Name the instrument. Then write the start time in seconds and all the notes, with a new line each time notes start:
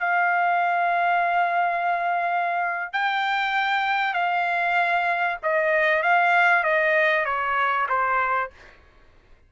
trumpet
0.00 F5
2.93 G5
4.14 F5
5.43 D#5
6.03 F5
6.64 D#5
7.26 C#5
7.89 C5